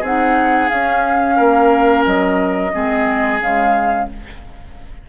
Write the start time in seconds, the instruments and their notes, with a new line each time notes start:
0.00 bassoon C4, clarinet D#4, oboe G#4, flute F#5
0.70 clarinet C#4, bassoon C#4, flute F5
1.37 bassoon A#3, oboe A#4
2.06 bassoon F#3, flute D#5
2.72 bassoon G#3, clarinet C4, oboe G#4
3.40 bassoon C#3, clarinet G#3, flute F5